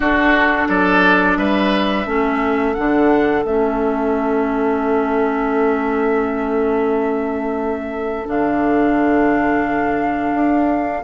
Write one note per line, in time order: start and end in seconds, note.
0.00 0.66 D4
0.00 2.06 D4
0.00 0.68 F#4
0.00 0.68 A4
0.68 1.37 F#3
0.68 1.37 A4
0.68 1.37 D5
1.37 2.05 G3
1.37 2.07 B4
1.37 2.74 E5
2.05 2.74 A3
2.05 2.75 C#4
2.05 11.03 A4
2.74 3.44 D3
2.74 3.46 D4
2.74 3.43 F#5
3.44 8.27 A3
3.44 8.26 C#4
3.44 8.28 E5
8.26 10.33 D3
8.26 11.01 D4
8.26 11.03 F5
10.33 11.02 D4